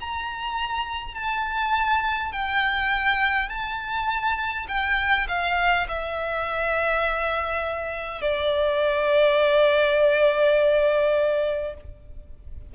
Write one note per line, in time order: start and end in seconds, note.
0.00 1.14 A#5
1.14 2.32 A5
2.32 3.49 G5
3.49 4.66 A5
4.68 5.27 G5
5.28 5.87 F5
5.88 8.21 E5
8.21 11.74 D5